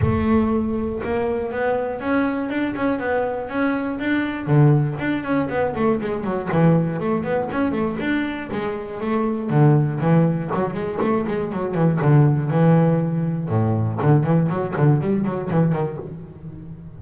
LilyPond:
\new Staff \with { instrumentName = "double bass" } { \time 4/4 \tempo 4 = 120 a2 ais4 b4 | cis'4 d'8 cis'8 b4 cis'4 | d'4 d4 d'8 cis'8 b8 a8 | gis8 fis8 e4 a8 b8 cis'8 a8 |
d'4 gis4 a4 d4 | e4 fis8 gis8 a8 gis8 fis8 e8 | d4 e2 a,4 | d8 e8 fis8 d8 g8 fis8 e8 dis8 | }